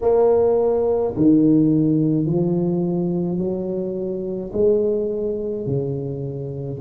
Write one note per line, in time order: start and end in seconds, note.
0.01 1.14 A#3
1.16 2.25 D#3
2.25 3.38 F3
3.38 4.51 F#3
4.53 5.66 G#3
5.66 6.79 C#3